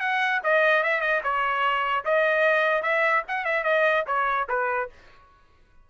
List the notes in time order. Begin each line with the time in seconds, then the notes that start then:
0.00 F#5
0.44 D#5
0.83 E5
1.01 D#5
1.24 C#5
2.05 D#5
2.82 E5
3.28 F#5
3.45 E5
3.64 D#5
4.07 C#5
4.49 B4